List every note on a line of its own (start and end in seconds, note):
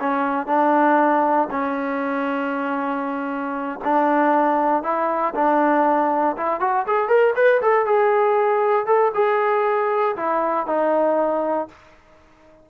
0.00 0.46 C#4
0.46 1.48 D4
1.50 3.79 C#4
3.84 4.83 D4
4.83 5.34 E4
5.35 6.36 D4
6.37 6.60 E4
6.60 6.86 F#4
6.87 7.08 G#4
7.08 7.34 A#4
7.36 7.61 B4
7.62 7.86 A4
7.86 8.86 G#4
8.86 9.12 A4
9.14 10.16 G#4
10.16 10.67 E4
10.67 11.68 D#4